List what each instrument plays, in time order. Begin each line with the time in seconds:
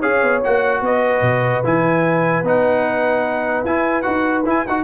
0.00 tuba C#4, trombone G#4, horn C#5, trumpet F5
0.22 tuba B3
0.43 tuba A#3, trombone F#4, trumpet F#5
0.81 tuba B3, horn B4, trumpet D#5
1.21 tuba B2
1.64 tuba E3, trombone E4, trumpet G#5
2.43 tuba B3, trombone D#4, trumpet F#5
3.64 tuba E4, trombone E4, trumpet G#5
4.02 tuba D#4, trombone F#4, trumpet F#5
4.45 tuba E4, trombone E4, trumpet G#5
4.67 tuba D#4, trombone F#4, trumpet F#5